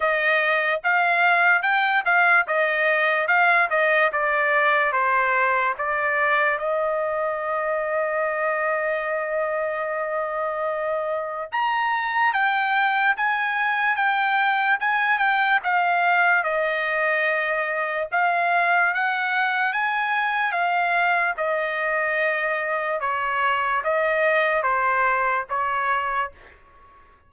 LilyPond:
\new Staff \with { instrumentName = "trumpet" } { \time 4/4 \tempo 4 = 73 dis''4 f''4 g''8 f''8 dis''4 | f''8 dis''8 d''4 c''4 d''4 | dis''1~ | dis''2 ais''4 g''4 |
gis''4 g''4 gis''8 g''8 f''4 | dis''2 f''4 fis''4 | gis''4 f''4 dis''2 | cis''4 dis''4 c''4 cis''4 | }